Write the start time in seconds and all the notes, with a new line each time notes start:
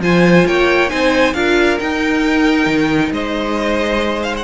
0.00 F3 F4 C5 G#5
0.46 A#3 C#5 G5
0.89 C4 D#4 C5 G#5
1.34 D4 F4 A#4 F5
1.79 D#4 G5
2.66 D#3
3.11 G#3 C5 D#5
4.23 F5
4.37 F#5